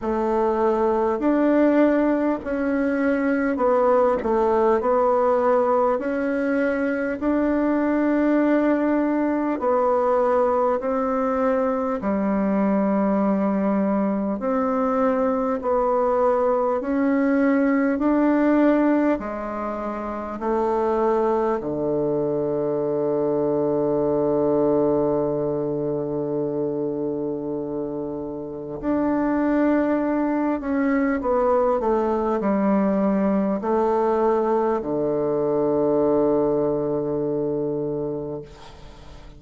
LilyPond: \new Staff \with { instrumentName = "bassoon" } { \time 4/4 \tempo 4 = 50 a4 d'4 cis'4 b8 a8 | b4 cis'4 d'2 | b4 c'4 g2 | c'4 b4 cis'4 d'4 |
gis4 a4 d2~ | d1 | d'4. cis'8 b8 a8 g4 | a4 d2. | }